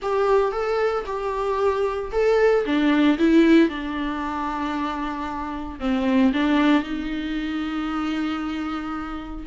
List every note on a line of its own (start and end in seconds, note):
0.01 0.52 G4
0.52 1.04 A4
1.06 2.11 G4
2.12 2.64 A4
2.65 3.18 D4
3.18 3.68 E4
3.68 5.79 D4
5.79 6.32 C4
6.33 6.83 D4
6.83 9.46 D#4